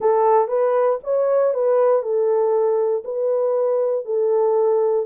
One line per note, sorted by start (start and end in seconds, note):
0.00 0.48 A4
0.48 0.98 B4
1.03 1.54 C#5
1.54 2.02 B4
2.02 3.03 A4
3.04 4.05 B4
4.05 5.06 A4